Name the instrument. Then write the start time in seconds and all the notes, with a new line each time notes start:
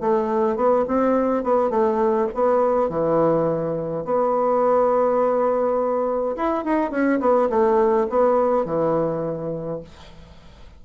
bassoon
0.00 A3
0.56 B3
0.88 C4
1.43 B3
1.70 A3
2.34 B3
2.89 E3
4.05 B3
6.36 E4
6.64 D#4
6.90 C#4
7.20 B3
7.49 A3
8.10 B3
8.65 E3